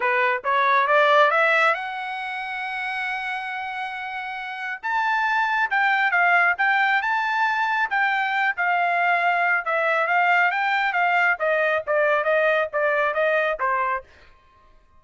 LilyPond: \new Staff \with { instrumentName = "trumpet" } { \time 4/4 \tempo 4 = 137 b'4 cis''4 d''4 e''4 | fis''1~ | fis''2. a''4~ | a''4 g''4 f''4 g''4 |
a''2 g''4. f''8~ | f''2 e''4 f''4 | g''4 f''4 dis''4 d''4 | dis''4 d''4 dis''4 c''4 | }